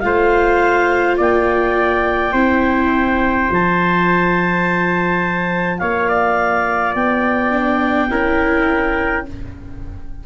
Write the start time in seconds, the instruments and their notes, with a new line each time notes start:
0.00 tuba A3, viola F4, trumpet C5, clarinet F5
1.18 tuba A#3, trumpet D5, clarinet G5
2.33 tuba C4, viola E4, trumpet C5
3.48 tuba F3, viola F4, clarinet A5
5.78 tuba A#3, trumpet C#5, clarinet F5
6.09 trumpet D5
6.95 tuba B3, clarinet G5
7.51 viola D4
8.10 tuba C#4, viola E4, trumpet A#4